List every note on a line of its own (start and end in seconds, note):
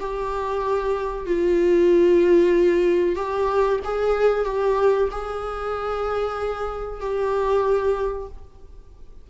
0.00 1.26 G4
1.26 3.16 F4
3.16 3.80 G4
3.85 4.45 G#4
4.45 5.09 G4
5.12 7.01 G#4
7.01 8.29 G4